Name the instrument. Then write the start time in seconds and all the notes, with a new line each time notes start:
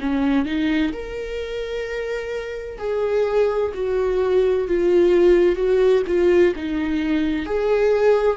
viola
0.00 C#4
0.45 D#4
0.92 A#4
2.78 G#4
3.74 F#4
4.67 F4
5.55 F#4
6.06 F4
6.55 D#4
7.45 G#4